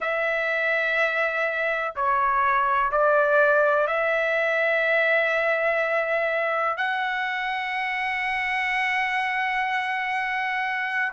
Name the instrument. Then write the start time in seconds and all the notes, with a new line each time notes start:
trumpet
0.00 E5
1.95 C#5
2.91 D5
3.87 E5
6.77 F#5